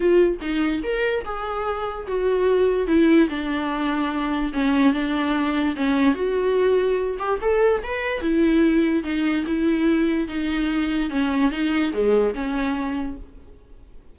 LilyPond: \new Staff \with { instrumentName = "viola" } { \time 4/4 \tempo 4 = 146 f'4 dis'4 ais'4 gis'4~ | gis'4 fis'2 e'4 | d'2. cis'4 | d'2 cis'4 fis'4~ |
fis'4. g'8 a'4 b'4 | e'2 dis'4 e'4~ | e'4 dis'2 cis'4 | dis'4 gis4 cis'2 | }